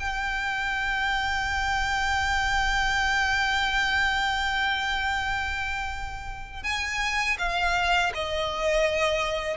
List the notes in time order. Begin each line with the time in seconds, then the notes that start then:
0.00 G5
6.63 G#5
7.39 F5
8.14 D#5